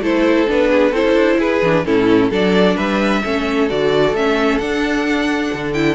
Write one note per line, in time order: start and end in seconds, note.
0.00 0.46 A3
0.00 0.47 E4
0.00 0.70 A4
0.00 0.49 C5
0.47 0.92 B3
0.47 0.93 D4
0.47 0.95 B4
0.70 0.91 G#4
0.91 1.03 C4
0.91 1.63 E4
0.91 1.37 A4
0.91 1.40 C5
1.05 1.14 C#4
1.14 1.37 D4
1.38 1.61 E4
1.38 1.84 G#4
1.38 1.85 B4
1.62 1.85 E3
1.62 1.85 D4
1.85 2.30 A2
1.85 2.31 C#4
1.85 2.30 E4
1.85 2.31 A4
2.30 2.76 F#3
2.30 3.23 D4
2.30 2.76 A4
2.30 2.77 D5
2.76 3.23 G3
2.76 3.22 B4
2.76 3.69 E5
3.23 3.70 A3
3.23 3.69 C#4
3.23 5.95 A4
3.69 4.13 D3
3.69 4.15 F#4
3.69 4.15 D5
4.13 4.58 A3
4.13 4.61 C#4
4.13 4.58 E5
4.58 5.51 D4
4.58 5.74 D4
4.58 5.73 F#5
5.53 5.95 D3
5.73 5.95 E4
5.73 5.95 G5